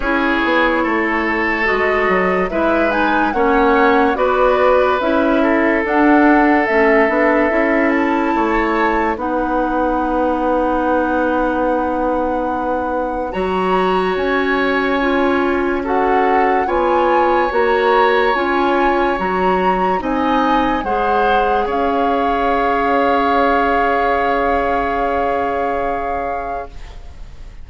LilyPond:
<<
  \new Staff \with { instrumentName = "flute" } { \time 4/4 \tempo 4 = 72 cis''2 dis''4 e''8 gis''8 | fis''4 d''4 e''4 fis''4 | e''4. a''4. fis''4~ | fis''1 |
ais''4 gis''2 fis''4 | gis''4 ais''4 gis''4 ais''4 | gis''4 fis''4 f''2~ | f''1 | }
  \new Staff \with { instrumentName = "oboe" } { \time 4/4 gis'4 a'2 b'4 | cis''4 b'4. a'4.~ | a'2 cis''4 b'4~ | b'1 |
cis''2. a'4 | cis''1 | dis''4 c''4 cis''2~ | cis''1 | }
  \new Staff \with { instrumentName = "clarinet" } { \time 4/4 e'2 fis'4 e'8 dis'8 | cis'4 fis'4 e'4 d'4 | cis'8 d'8 e'2 dis'4~ | dis'1 |
fis'2 f'4 fis'4 | f'4 fis'4 f'4 fis'4 | dis'4 gis'2.~ | gis'1 | }
  \new Staff \with { instrumentName = "bassoon" } { \time 4/4 cis'8 b8 a4 gis8 fis8 gis4 | ais4 b4 cis'4 d'4 | a8 b8 cis'4 a4 b4~ | b1 |
fis4 cis'2. | b4 ais4 cis'4 fis4 | c'4 gis4 cis'2~ | cis'1 | }
>>